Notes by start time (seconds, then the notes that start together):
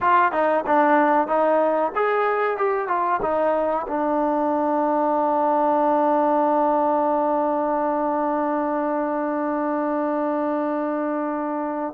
0.00 F4
0.32 D#4
0.66 D4
1.27 D#4
1.95 G#4
2.57 G4
2.88 F4
3.22 D#4
3.87 D4